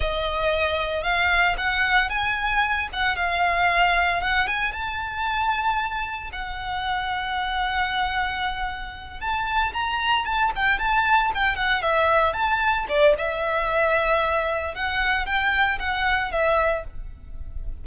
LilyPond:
\new Staff \with { instrumentName = "violin" } { \time 4/4 \tempo 4 = 114 dis''2 f''4 fis''4 | gis''4. fis''8 f''2 | fis''8 gis''8 a''2. | fis''1~ |
fis''4. a''4 ais''4 a''8 | g''8 a''4 g''8 fis''8 e''4 a''8~ | a''8 d''8 e''2. | fis''4 g''4 fis''4 e''4 | }